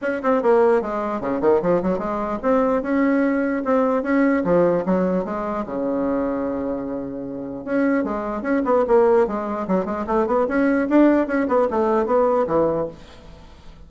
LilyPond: \new Staff \with { instrumentName = "bassoon" } { \time 4/4 \tempo 4 = 149 cis'8 c'8 ais4 gis4 cis8 dis8 | f8 fis8 gis4 c'4 cis'4~ | cis'4 c'4 cis'4 f4 | fis4 gis4 cis2~ |
cis2. cis'4 | gis4 cis'8 b8 ais4 gis4 | fis8 gis8 a8 b8 cis'4 d'4 | cis'8 b8 a4 b4 e4 | }